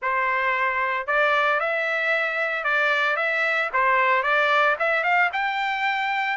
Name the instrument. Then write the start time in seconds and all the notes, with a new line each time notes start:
trumpet
0.02 C5
1.06 D5
1.60 E5
2.64 D5
3.16 E5
3.73 C5
4.22 D5
4.79 E5
5.03 F5
5.32 G5